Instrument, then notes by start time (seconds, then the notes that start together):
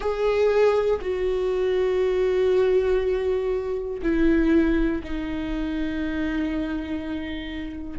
viola
0.00 G#4
1.01 F#4
4.02 E4
5.03 D#4